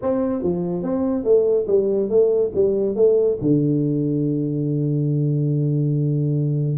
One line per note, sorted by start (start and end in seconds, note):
0.01 0.42 C4
0.42 0.82 F3
0.82 1.24 C4
1.24 1.66 A3
1.67 2.09 G3
2.09 2.51 A3
2.54 2.95 G3
2.95 3.37 A3
3.41 6.77 D3